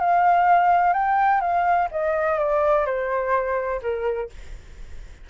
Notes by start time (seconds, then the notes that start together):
0.00 F5
0.94 G5
1.41 F5
1.92 D#5
2.39 D5
2.86 C5
3.82 A#4